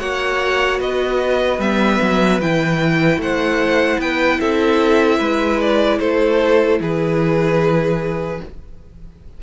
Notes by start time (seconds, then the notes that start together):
0.00 A#3 F#4 C#5 F#5
0.80 B3 B4 D#5
1.59 G3 B3 E5
2.02 F#3
2.41 E3 E4 G5
3.18 A3 C5 F#5
3.99 B3 B4 G5
4.41 C4 A4 E5
5.19 G#3 B4
5.61 D5
6.00 A3 A4 C5
6.81 E3 G#4 B4